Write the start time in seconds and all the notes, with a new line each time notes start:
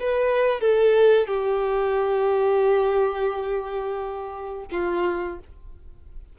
0.00 B4
0.61 A4
1.27 G4
4.72 F4